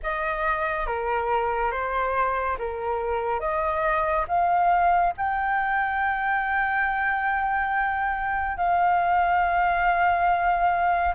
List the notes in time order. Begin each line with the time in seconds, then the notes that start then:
0.02 D#5
0.86 A#4
1.71 C5
2.58 A#4
3.40 D#5
4.28 F5
5.17 G5
8.57 F5